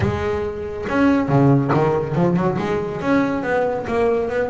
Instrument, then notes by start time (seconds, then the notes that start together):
double bass
0.00 G#3
0.88 C#4
1.28 C#3
1.73 D#3
2.15 F3
2.36 F#3
2.58 G#3
3.01 C#4
3.42 B3
3.87 A#3
4.29 B3